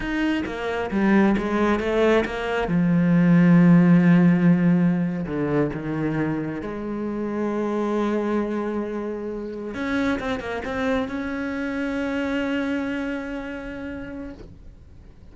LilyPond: \new Staff \with { instrumentName = "cello" } { \time 4/4 \tempo 4 = 134 dis'4 ais4 g4 gis4 | a4 ais4 f2~ | f2.~ f8. d16~ | d8. dis2 gis4~ gis16~ |
gis1~ | gis4.~ gis16 cis'4 c'8 ais8 c'16~ | c'8. cis'2.~ cis'16~ | cis'1 | }